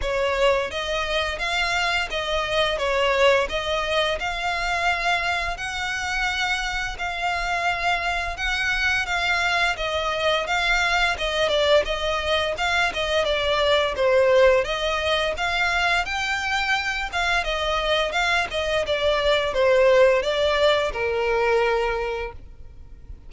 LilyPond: \new Staff \with { instrumentName = "violin" } { \time 4/4 \tempo 4 = 86 cis''4 dis''4 f''4 dis''4 | cis''4 dis''4 f''2 | fis''2 f''2 | fis''4 f''4 dis''4 f''4 |
dis''8 d''8 dis''4 f''8 dis''8 d''4 | c''4 dis''4 f''4 g''4~ | g''8 f''8 dis''4 f''8 dis''8 d''4 | c''4 d''4 ais'2 | }